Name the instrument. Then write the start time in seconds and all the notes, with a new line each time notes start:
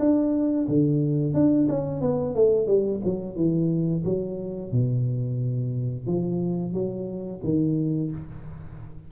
tuba
0.00 D4
0.69 D3
1.34 D4
1.69 C#4
2.01 B3
2.35 A3
2.67 G3
3.05 F#3
3.36 E3
4.05 F#3
4.72 B2
6.07 F3
6.74 F#3
7.44 D#3